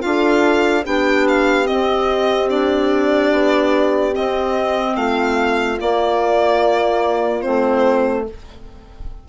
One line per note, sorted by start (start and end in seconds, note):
0.00 0.86 D4
0.00 0.82 F4
0.00 0.84 F5
0.07 0.85 A4
0.85 1.68 B3
0.85 1.65 D4
0.85 4.96 G4
0.85 1.28 G5
1.28 1.67 F5
1.65 2.47 C4
1.65 2.49 D#5
1.71 3.32 C4
2.50 4.12 D4
2.50 4.15 D5
3.32 4.14 B3
4.12 5.77 C4
4.12 4.96 C4
4.12 4.96 D#5
4.96 5.78 A3
4.96 8.27 F4
4.96 5.79 F5
5.80 7.42 A#3
5.80 7.46 A#3
5.80 7.42 D5
7.42 8.29 A3
7.42 8.24 C4
7.42 8.24 C5